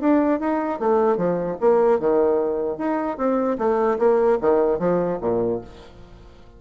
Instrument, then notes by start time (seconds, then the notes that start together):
bassoon
0.00 D4
0.40 D#4
0.79 A3
1.17 F3
1.61 A#3
1.99 D#3
2.77 D#4
3.17 C4
3.58 A3
3.98 A#3
4.41 D#3
4.79 F3
5.21 A#2